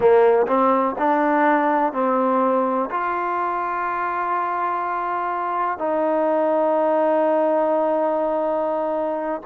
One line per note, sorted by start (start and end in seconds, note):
0.00 0.46 A#3
0.47 0.95 C4
0.98 1.92 D4
1.92 2.89 C4
2.90 5.78 F4
5.78 9.41 D#4